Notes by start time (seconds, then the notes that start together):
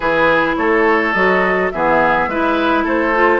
0.00 E3 E4 G#4 B4
0.56 A3 A4 C#5
1.13 F#3 F#4 D#5
1.71 E3 B3 G#4 E5
2.27 G#3 E4 B4
2.84 A3 A4 C5
3.15 F4